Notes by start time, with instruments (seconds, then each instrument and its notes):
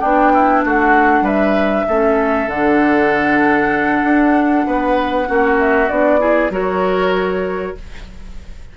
0.00 bassoon B3, oboe D4, clarinet D4, flute G5
0.33 oboe E4
0.64 bassoon A3, oboe F#4, flute F#5
1.21 bassoon G3, oboe B4, flute E5
1.88 bassoon A3, clarinet C#4, oboe A4
2.47 bassoon D3, clarinet D4, flute F#5
4.03 bassoon D4
4.66 bassoon B3, oboe B4
5.26 bassoon A#3, clarinet C#4, oboe F#4
5.58 flute E5
5.89 bassoon B3, clarinet D4, flute D5
6.19 clarinet E4, oboe G#4
6.50 bassoon F#3, clarinet F#4, oboe A#4, flute C#5